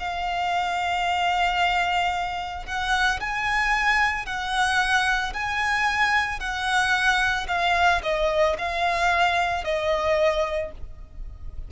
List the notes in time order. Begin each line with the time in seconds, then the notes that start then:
0.00 F5
2.67 F#5
3.20 G#5
4.26 F#5
5.34 G#5
6.40 F#5
7.48 F5
8.04 D#5
8.59 F5
9.65 D#5